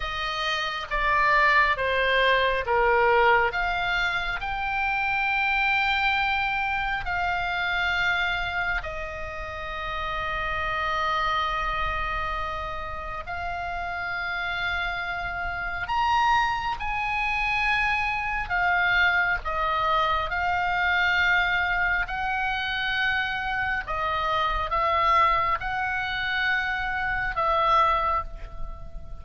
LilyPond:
\new Staff \with { instrumentName = "oboe" } { \time 4/4 \tempo 4 = 68 dis''4 d''4 c''4 ais'4 | f''4 g''2. | f''2 dis''2~ | dis''2. f''4~ |
f''2 ais''4 gis''4~ | gis''4 f''4 dis''4 f''4~ | f''4 fis''2 dis''4 | e''4 fis''2 e''4 | }